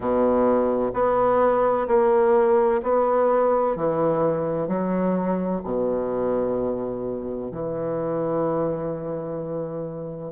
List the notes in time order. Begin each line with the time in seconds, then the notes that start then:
0.00 B2
0.93 B3
1.87 A#3
2.82 B3
3.75 E3
4.67 F#3
5.64 B2
7.51 E3